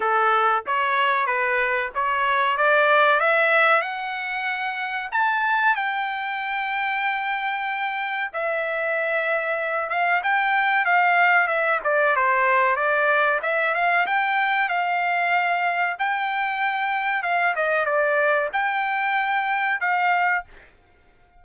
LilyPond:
\new Staff \with { instrumentName = "trumpet" } { \time 4/4 \tempo 4 = 94 a'4 cis''4 b'4 cis''4 | d''4 e''4 fis''2 | a''4 g''2.~ | g''4 e''2~ e''8 f''8 |
g''4 f''4 e''8 d''8 c''4 | d''4 e''8 f''8 g''4 f''4~ | f''4 g''2 f''8 dis''8 | d''4 g''2 f''4 | }